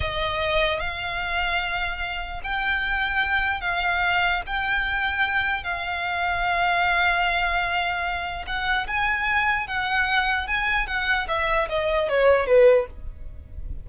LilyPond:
\new Staff \with { instrumentName = "violin" } { \time 4/4 \tempo 4 = 149 dis''2 f''2~ | f''2 g''2~ | g''4 f''2 g''4~ | g''2 f''2~ |
f''1~ | f''4 fis''4 gis''2 | fis''2 gis''4 fis''4 | e''4 dis''4 cis''4 b'4 | }